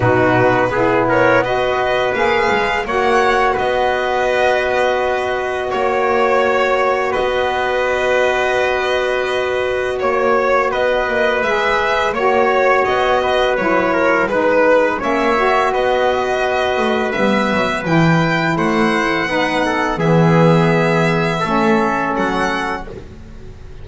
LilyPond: <<
  \new Staff \with { instrumentName = "violin" } { \time 4/4 \tempo 4 = 84 b'4. cis''8 dis''4 f''4 | fis''4 dis''2. | cis''2 dis''2~ | dis''2 cis''4 dis''4 |
e''4 cis''4 dis''4 cis''4 | b'4 e''4 dis''2 | e''4 g''4 fis''2 | e''2. fis''4 | }
  \new Staff \with { instrumentName = "trumpet" } { \time 4/4 fis'4 gis'8 ais'8 b'2 | cis''4 b'2. | cis''2 b'2~ | b'2 cis''4 b'4~ |
b'4 cis''4. b'4 ais'8 | b'4 cis''4 b'2~ | b'2 c''4 b'8 a'8 | gis'2 a'2 | }
  \new Staff \with { instrumentName = "saxophone" } { \time 4/4 dis'4 e'4 fis'4 gis'4 | fis'1~ | fis'1~ | fis'1 |
gis'4 fis'2 e'4 | dis'4 cis'8 fis'2~ fis'8 | b4 e'2 dis'4 | b2 cis'2 | }
  \new Staff \with { instrumentName = "double bass" } { \time 4/4 b,4 b2 ais8 gis8 | ais4 b2. | ais2 b2~ | b2 ais4 b8 ais8 |
gis4 ais4 b4 fis4 | gis4 ais4 b4. a8 | g8 fis8 e4 a4 b4 | e2 a4 fis4 | }
>>